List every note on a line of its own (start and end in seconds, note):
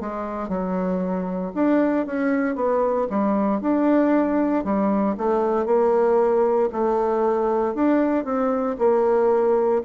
0.00 0.48 G#3
0.48 1.51 F#3
1.54 2.06 D4
2.06 2.55 C#4
2.55 3.07 B3
3.09 3.61 G3
3.61 4.64 D4
4.64 5.16 G3
5.17 5.66 A3
5.66 6.69 A#3
6.72 7.74 A3
7.74 8.24 D4
8.24 8.76 C4
8.78 9.82 A#3